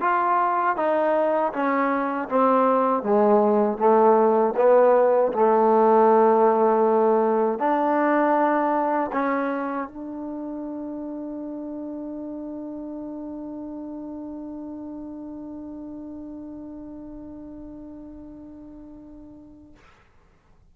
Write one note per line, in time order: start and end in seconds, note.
0.00 0.76 F4
0.76 1.52 D#4
1.52 2.28 C#4
2.28 3.02 C4
3.02 3.78 G#3
3.78 4.54 A3
4.56 5.32 B3
5.32 7.58 A3
7.58 9.10 D4
9.12 9.87 C#4
9.87 19.75 D4